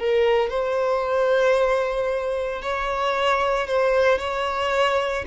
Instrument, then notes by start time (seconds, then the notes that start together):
violin
0.00 A#4
0.50 C5
2.63 C#5
3.68 C5
4.19 C#5